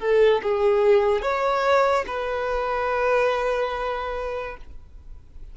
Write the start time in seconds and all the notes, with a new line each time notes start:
0.00 A4
0.43 G#4
1.22 C#5
2.07 B4